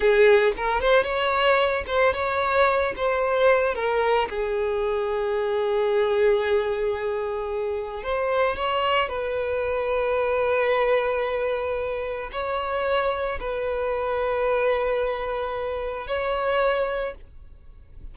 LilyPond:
\new Staff \with { instrumentName = "violin" } { \time 4/4 \tempo 4 = 112 gis'4 ais'8 c''8 cis''4. c''8 | cis''4. c''4. ais'4 | gis'1~ | gis'2. c''4 |
cis''4 b'2.~ | b'2. cis''4~ | cis''4 b'2.~ | b'2 cis''2 | }